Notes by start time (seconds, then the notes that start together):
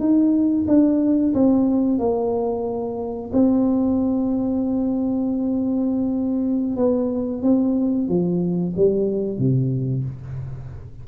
0.00 D#4
0.68 D4
1.34 C4
1.99 A#3
3.33 C4
6.77 B3
7.43 C4
8.09 F3
8.77 G3
9.39 C3